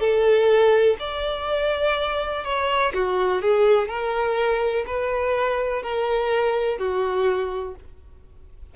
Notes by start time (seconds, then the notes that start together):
0.00 A4
0.99 D5
2.45 C#5
2.94 F#4
3.42 G#4
3.88 A#4
4.87 B4
5.83 A#4
6.79 F#4